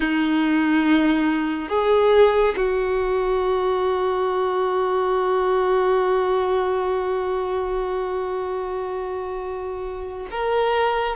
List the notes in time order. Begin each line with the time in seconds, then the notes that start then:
0.00 D#4
1.69 G#4
2.56 F#4
10.31 A#4